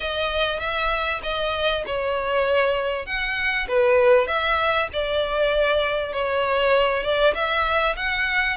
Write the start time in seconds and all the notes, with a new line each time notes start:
0.00 D#5
0.59 E5
1.22 D#5
1.86 C#5
3.06 F#5
3.67 B4
4.27 E5
4.92 D5
6.12 C#5
7.03 D5
7.34 E5
7.96 F#5